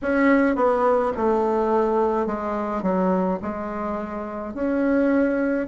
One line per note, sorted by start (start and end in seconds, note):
0.02 0.55 C#4
0.55 1.12 B3
1.16 2.26 A3
2.26 2.82 G#3
2.82 3.39 F#3
3.42 4.53 G#3
4.53 5.67 C#4